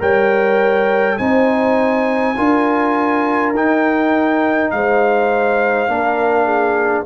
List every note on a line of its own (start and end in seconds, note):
0.00 1.19 G3
0.00 1.18 A#4
0.00 1.18 C#5
0.00 1.18 G5
1.18 2.37 C4
1.18 2.36 D#4
1.18 2.37 C5
1.18 3.53 G#5
2.37 3.54 D4
2.37 3.55 F4
2.37 4.72 A#4
3.54 4.72 D#4
3.54 5.88 D#4
3.54 4.71 G5
4.71 5.88 G#3
4.71 5.93 C5
4.71 7.06 F5
5.88 7.06 A#3
5.88 7.06 D4
5.88 6.46 A#4
6.46 7.04 G#4